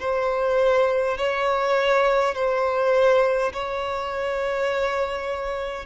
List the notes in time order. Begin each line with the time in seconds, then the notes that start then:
0.00 C5
1.18 C#5
2.35 C5
3.53 C#5